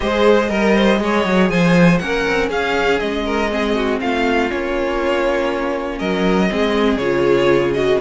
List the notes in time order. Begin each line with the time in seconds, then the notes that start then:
0.00 G#3 G#4 C5 D#5
0.48 G3 A#4
0.75 C5
0.97 G#3 G#4
1.03 C#5
1.25 F#3
1.49 F3 C5 G#5
1.98 A#3 C#4 A#4 F#5
2.27 C4
2.49 C#4 G#4 F5
2.99 G#3 D#5
3.25 A#4
3.50 C4 G#4
3.75 F#4
4.01 A3 F4 F5
4.49 A#3 C#4 C#5
5.98 F#3 A#4 D#5
6.49 G#3 C4 G#4
6.96 C#3 F4 C#5
7.73 F#4 D#5